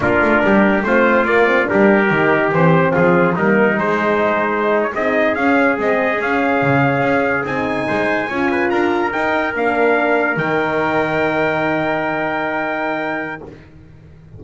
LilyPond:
<<
  \new Staff \with { instrumentName = "trumpet" } { \time 4/4 \tempo 4 = 143 ais'2 c''4 d''4 | ais'2 c''4 gis'4 | ais'4 c''2~ c''8 cis''16 dis''16~ | dis''8. f''4 dis''4 f''4~ f''16~ |
f''4.~ f''16 gis''2~ gis''16~ | gis''8. ais''4 g''4 f''4~ f''16~ | f''8. g''2.~ g''16~ | g''1 | }
  \new Staff \with { instrumentName = "trumpet" } { \time 4/4 f'4 g'4 f'2 | g'2. f'4 | dis'2.~ dis'8. gis'16~ | gis'1~ |
gis'2~ gis'8. c''4 cis''16~ | cis''16 b'8 ais'2.~ ais'16~ | ais'1~ | ais'1 | }
  \new Staff \with { instrumentName = "horn" } { \time 4/4 d'2 c'4 ais8 c'8 | d'4 dis'4 c'2 | ais4 gis2~ gis8. dis'16~ | dis'8. cis'4 c'4 cis'4~ cis'16~ |
cis'4.~ cis'16 dis'2 f'16~ | f'4.~ f'16 dis'4 d'4~ d'16~ | d'8. dis'2.~ dis'16~ | dis'1 | }
  \new Staff \with { instrumentName = "double bass" } { \time 4/4 ais8 a8 g4 a4 ais4 | g4 dis4 e4 f4 | g4 gis2~ gis8. c'16~ | c'8. cis'4 gis4 cis'4 cis16~ |
cis8. cis'4 c'4 gis4 cis'16~ | cis'8. d'4 dis'4 ais4~ ais16~ | ais8. dis2.~ dis16~ | dis1 | }
>>